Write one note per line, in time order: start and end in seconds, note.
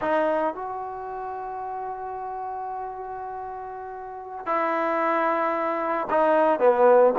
0.01 0.54 D#4
0.54 4.46 F#4
4.46 6.08 E4
6.09 6.59 D#4
6.59 7.13 B3